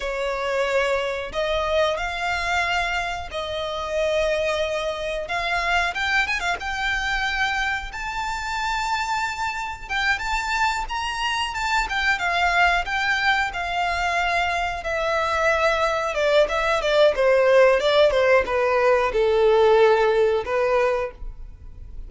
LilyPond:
\new Staff \with { instrumentName = "violin" } { \time 4/4 \tempo 4 = 91 cis''2 dis''4 f''4~ | f''4 dis''2. | f''4 g''8 gis''16 f''16 g''2 | a''2. g''8 a''8~ |
a''8 ais''4 a''8 g''8 f''4 g''8~ | g''8 f''2 e''4.~ | e''8 d''8 e''8 d''8 c''4 d''8 c''8 | b'4 a'2 b'4 | }